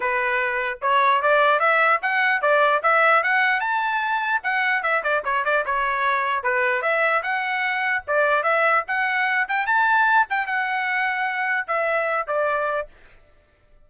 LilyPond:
\new Staff \with { instrumentName = "trumpet" } { \time 4/4 \tempo 4 = 149 b'2 cis''4 d''4 | e''4 fis''4 d''4 e''4 | fis''4 a''2 fis''4 | e''8 d''8 cis''8 d''8 cis''2 |
b'4 e''4 fis''2 | d''4 e''4 fis''4. g''8 | a''4. g''8 fis''2~ | fis''4 e''4. d''4. | }